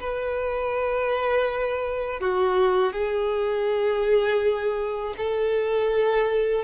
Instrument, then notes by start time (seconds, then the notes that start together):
violin
0.00 B4
2.21 F#4
2.93 G#4
5.18 A4